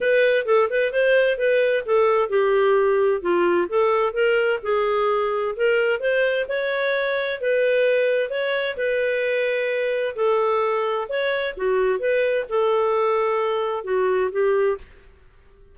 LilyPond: \new Staff \with { instrumentName = "clarinet" } { \time 4/4 \tempo 4 = 130 b'4 a'8 b'8 c''4 b'4 | a'4 g'2 f'4 | a'4 ais'4 gis'2 | ais'4 c''4 cis''2 |
b'2 cis''4 b'4~ | b'2 a'2 | cis''4 fis'4 b'4 a'4~ | a'2 fis'4 g'4 | }